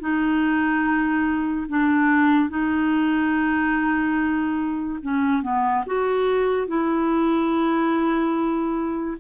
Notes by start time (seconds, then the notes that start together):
0.00 D#4
1.69 D4
2.49 D#4
5.02 C#4
5.42 B3
5.86 F#4
6.67 E4